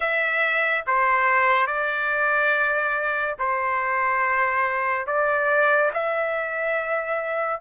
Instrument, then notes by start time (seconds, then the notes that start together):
trumpet
0.00 E5
0.86 C5
1.67 D5
3.38 C5
5.06 D5
5.93 E5